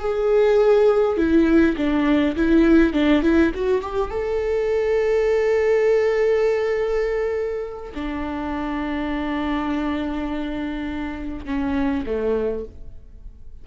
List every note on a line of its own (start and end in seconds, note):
0.00 1.17 G#4
1.17 1.76 E4
1.76 2.35 D4
2.36 2.93 E4
2.93 3.22 D4
3.22 3.52 E4
3.54 3.82 F#4
3.82 4.10 G4
4.10 7.93 A4
7.94 11.46 D4
11.46 12.04 C#4
12.06 12.65 A3